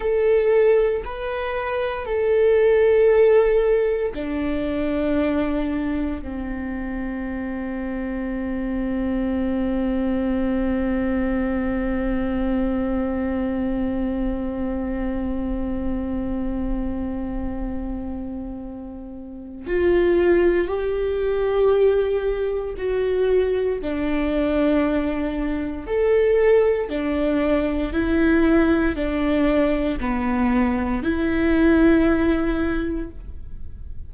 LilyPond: \new Staff \with { instrumentName = "viola" } { \time 4/4 \tempo 4 = 58 a'4 b'4 a'2 | d'2 c'2~ | c'1~ | c'1~ |
c'2. f'4 | g'2 fis'4 d'4~ | d'4 a'4 d'4 e'4 | d'4 b4 e'2 | }